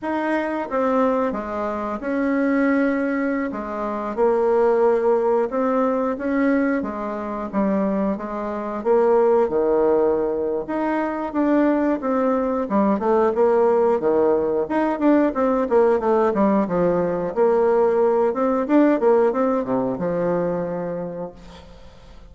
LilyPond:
\new Staff \with { instrumentName = "bassoon" } { \time 4/4 \tempo 4 = 90 dis'4 c'4 gis4 cis'4~ | cis'4~ cis'16 gis4 ais4.~ ais16~ | ais16 c'4 cis'4 gis4 g8.~ | g16 gis4 ais4 dis4.~ dis16 |
dis'4 d'4 c'4 g8 a8 | ais4 dis4 dis'8 d'8 c'8 ais8 | a8 g8 f4 ais4. c'8 | d'8 ais8 c'8 c8 f2 | }